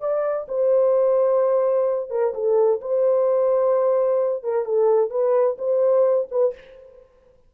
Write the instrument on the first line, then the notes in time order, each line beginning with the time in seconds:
horn
0.00 D5
0.48 C5
2.10 A#4
2.34 A4
2.81 C5
4.43 A#4
4.65 A4
5.10 B4
5.58 C5
6.31 B4